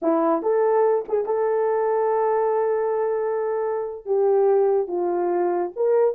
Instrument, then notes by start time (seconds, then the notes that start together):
horn
0.02 E4
0.42 A4
1.08 G#4
1.25 A4
4.05 G4
4.87 F4
5.76 A#4